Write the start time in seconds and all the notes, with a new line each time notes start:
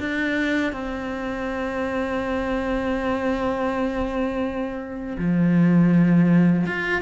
0.00 D4
0.73 C4
5.18 F3
6.67 F4